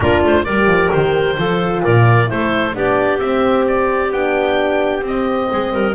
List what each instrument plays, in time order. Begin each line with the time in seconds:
0.00 double bass A#3, horn D4, clarinet F4, oboe A#4
0.23 double bass A3, oboe C5
0.44 double bass G3, horn G4, clarinet A#4, oboe D5
0.66 double bass F3
0.92 double bass D#3, oboe C5
1.37 double bass F3, horn F4, clarinet A4
1.82 double bass A#2, clarinet A#4, oboe D5
2.25 double bass A3, horn E4, clarinet A4, oboe C5
2.74 double bass B3, horn D4, clarinet G4, oboe D5
3.19 horn C4, double bass C4, oboe E5
3.67 oboe D5
4.11 double bass B3, horn D4, oboe G5
5.02 double bass C4, horn C4, oboe D#5
5.50 double bass G#3, clarinet G#4
5.72 double bass G3, clarinet A#4